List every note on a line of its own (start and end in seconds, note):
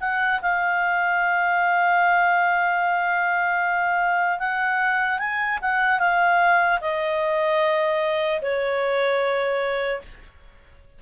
0.00 0.40 F#5
0.41 4.39 F5
4.39 5.19 F#5
5.19 5.59 G#5
5.61 5.99 F#5
5.99 6.79 F5
6.80 8.40 D#5
8.41 10.01 C#5